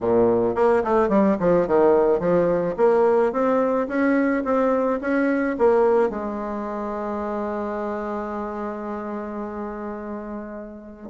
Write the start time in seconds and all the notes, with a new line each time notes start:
0.01 A#2
0.55 A#3
0.84 A3
1.08 G3
1.39 F3
1.67 D#3
2.19 F3
2.77 A#3
3.32 C4
3.88 C#4
4.44 C4
5.00 C#4
5.58 A#3
6.09 G#3